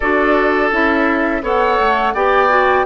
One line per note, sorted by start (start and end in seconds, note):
0.00 0.71 D4
0.00 0.71 F#4
0.00 1.42 A4
0.00 0.71 D5
0.71 1.42 C#4
0.71 1.42 E4
0.71 1.44 E5
1.42 1.77 B3
1.42 2.13 A4
1.42 2.14 C#5
1.42 2.14 F#5
1.79 2.14 A3
2.14 2.85 B3
2.14 2.49 G4
2.14 2.85 D5
2.14 2.85 G5
2.49 2.84 F#4